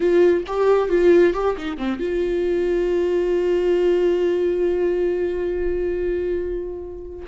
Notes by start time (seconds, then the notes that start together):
0.00 F4
0.46 G4
0.88 F4
1.33 G4
1.57 D#4
1.77 C4
1.99 F4